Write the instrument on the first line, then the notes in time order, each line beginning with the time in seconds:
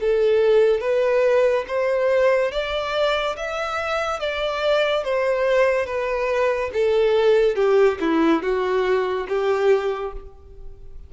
violin
0.00 A4
0.80 B4
1.67 C5
2.51 D5
3.36 E5
4.19 D5
5.04 C5
5.85 B4
6.73 A4
7.55 G4
8.00 E4
8.42 F#4
9.28 G4